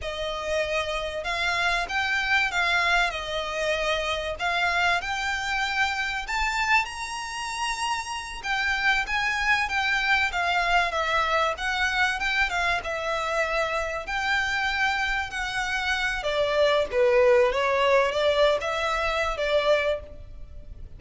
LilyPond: \new Staff \with { instrumentName = "violin" } { \time 4/4 \tempo 4 = 96 dis''2 f''4 g''4 | f''4 dis''2 f''4 | g''2 a''4 ais''4~ | ais''4. g''4 gis''4 g''8~ |
g''8 f''4 e''4 fis''4 g''8 | f''8 e''2 g''4.~ | g''8 fis''4. d''4 b'4 | cis''4 d''8. e''4~ e''16 d''4 | }